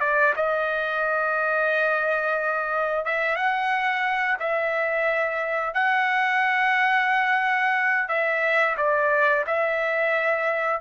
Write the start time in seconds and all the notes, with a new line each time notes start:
0.00 D5
0.36 D#5
3.05 E5
3.36 F#5
4.39 E5
5.74 F#5
8.08 E5
8.77 D5
9.47 E5